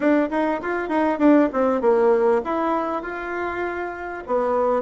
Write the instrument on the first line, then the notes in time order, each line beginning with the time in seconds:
bassoon
0.00 D4
0.30 D#4
0.61 F4
0.88 D#4
1.18 D4
1.53 C4
1.81 A#3
2.44 E4
3.02 F4
4.26 B3